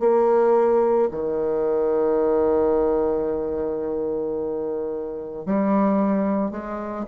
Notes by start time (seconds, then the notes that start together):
0.00 A#3
1.11 D#3
5.46 G3
6.51 G#3